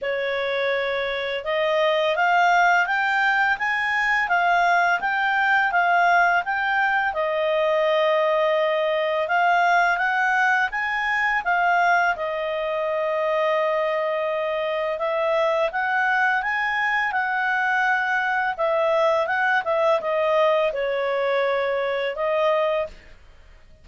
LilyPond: \new Staff \with { instrumentName = "clarinet" } { \time 4/4 \tempo 4 = 84 cis''2 dis''4 f''4 | g''4 gis''4 f''4 g''4 | f''4 g''4 dis''2~ | dis''4 f''4 fis''4 gis''4 |
f''4 dis''2.~ | dis''4 e''4 fis''4 gis''4 | fis''2 e''4 fis''8 e''8 | dis''4 cis''2 dis''4 | }